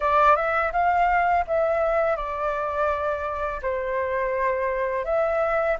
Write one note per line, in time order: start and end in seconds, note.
0.00 0.35 D5
0.35 0.72 E5
0.72 1.45 F5
1.47 2.16 E5
2.16 3.60 D5
3.62 5.04 C5
5.04 5.77 E5